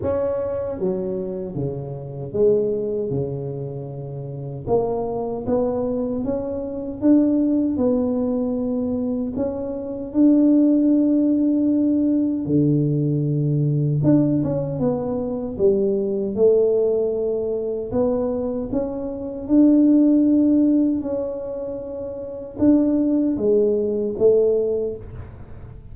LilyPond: \new Staff \with { instrumentName = "tuba" } { \time 4/4 \tempo 4 = 77 cis'4 fis4 cis4 gis4 | cis2 ais4 b4 | cis'4 d'4 b2 | cis'4 d'2. |
d2 d'8 cis'8 b4 | g4 a2 b4 | cis'4 d'2 cis'4~ | cis'4 d'4 gis4 a4 | }